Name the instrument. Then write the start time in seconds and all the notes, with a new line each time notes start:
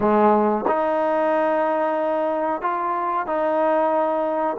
trombone
0.00 G#3
0.67 D#4
2.61 F4
3.26 D#4